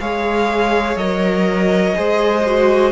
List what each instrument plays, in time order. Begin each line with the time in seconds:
0.00 cello G#3, viola G#4, violin C#5 F5
0.95 cello F#3, viola A#4, violin D#5
1.94 cello G#3, viola G#4, violin C5
2.46 viola F#4